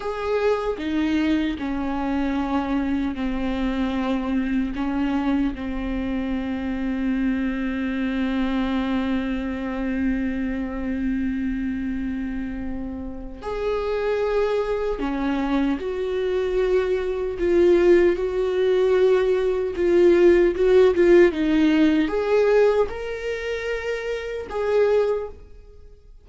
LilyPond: \new Staff \with { instrumentName = "viola" } { \time 4/4 \tempo 4 = 76 gis'4 dis'4 cis'2 | c'2 cis'4 c'4~ | c'1~ | c'1~ |
c'4 gis'2 cis'4 | fis'2 f'4 fis'4~ | fis'4 f'4 fis'8 f'8 dis'4 | gis'4 ais'2 gis'4 | }